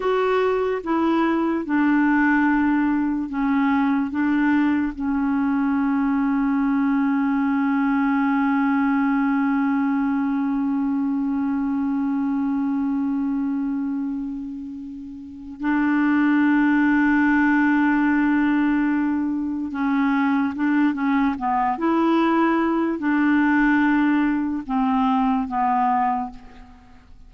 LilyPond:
\new Staff \with { instrumentName = "clarinet" } { \time 4/4 \tempo 4 = 73 fis'4 e'4 d'2 | cis'4 d'4 cis'2~ | cis'1~ | cis'1~ |
cis'2. d'4~ | d'1 | cis'4 d'8 cis'8 b8 e'4. | d'2 c'4 b4 | }